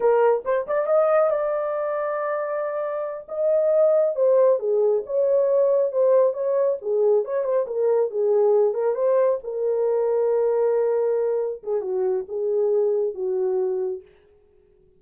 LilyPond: \new Staff \with { instrumentName = "horn" } { \time 4/4 \tempo 4 = 137 ais'4 c''8 d''8 dis''4 d''4~ | d''2.~ d''8 dis''8~ | dis''4. c''4 gis'4 cis''8~ | cis''4. c''4 cis''4 gis'8~ |
gis'8 cis''8 c''8 ais'4 gis'4. | ais'8 c''4 ais'2~ ais'8~ | ais'2~ ais'8 gis'8 fis'4 | gis'2 fis'2 | }